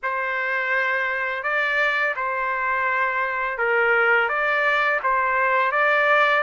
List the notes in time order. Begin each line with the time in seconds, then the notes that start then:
0.02 C5
1.43 D5
2.16 C5
3.58 A#4
4.28 D5
5.03 C5
5.71 D5